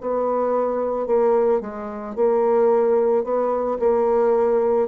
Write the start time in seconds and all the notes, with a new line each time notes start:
0.00 B3
1.06 A#3
1.60 G#3
2.15 A#3
3.23 B3
3.79 A#3